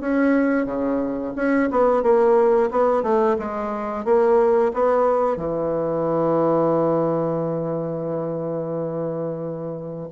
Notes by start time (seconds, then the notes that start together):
0.00 C#4
0.66 C#3
1.35 C#4
1.70 B3
2.02 A#3
2.70 B3
3.02 A3
3.39 G#3
4.04 A#3
4.73 B3
5.37 E3